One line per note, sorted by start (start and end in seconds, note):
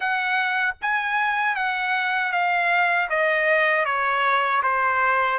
0.00 0.75 F#5
0.81 1.55 G#5
1.55 2.31 F#5
2.31 3.08 F5
3.09 3.85 D#5
3.85 4.62 C#5
4.63 5.38 C5